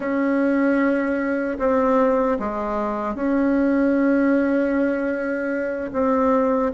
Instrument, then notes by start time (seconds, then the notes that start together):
bassoon
0.00 C#4
1.59 C4
2.39 G#3
3.14 C#4
5.92 C4